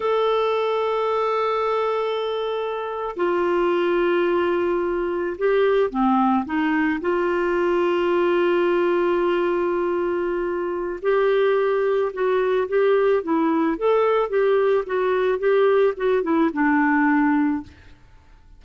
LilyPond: \new Staff \with { instrumentName = "clarinet" } { \time 4/4 \tempo 4 = 109 a'1~ | a'4.~ a'16 f'2~ f'16~ | f'4.~ f'16 g'4 c'4 dis'16~ | dis'8. f'2.~ f'16~ |
f'1 | g'2 fis'4 g'4 | e'4 a'4 g'4 fis'4 | g'4 fis'8 e'8 d'2 | }